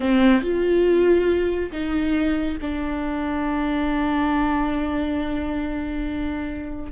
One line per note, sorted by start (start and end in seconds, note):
0.00 0.41 C4
0.41 1.71 F4
1.71 2.58 D#4
2.61 6.91 D4